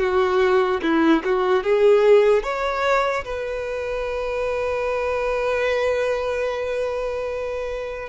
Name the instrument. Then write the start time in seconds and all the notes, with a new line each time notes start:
violin
0.00 F#4
0.83 E4
1.25 F#4
1.64 G#4
2.44 C#5
3.25 B4